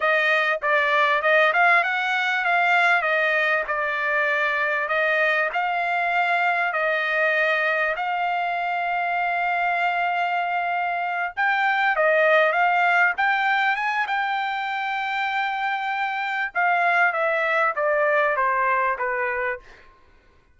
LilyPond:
\new Staff \with { instrumentName = "trumpet" } { \time 4/4 \tempo 4 = 98 dis''4 d''4 dis''8 f''8 fis''4 | f''4 dis''4 d''2 | dis''4 f''2 dis''4~ | dis''4 f''2.~ |
f''2~ f''8 g''4 dis''8~ | dis''8 f''4 g''4 gis''8 g''4~ | g''2. f''4 | e''4 d''4 c''4 b'4 | }